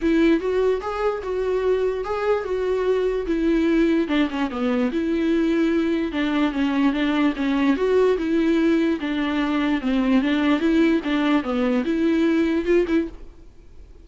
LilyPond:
\new Staff \with { instrumentName = "viola" } { \time 4/4 \tempo 4 = 147 e'4 fis'4 gis'4 fis'4~ | fis'4 gis'4 fis'2 | e'2 d'8 cis'8 b4 | e'2. d'4 |
cis'4 d'4 cis'4 fis'4 | e'2 d'2 | c'4 d'4 e'4 d'4 | b4 e'2 f'8 e'8 | }